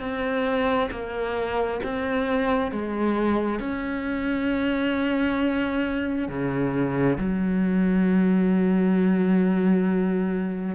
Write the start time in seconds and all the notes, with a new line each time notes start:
0.00 C4
0.91 A#3
1.84 C4
2.72 G#3
3.60 C#4
6.28 C#3
7.18 F#3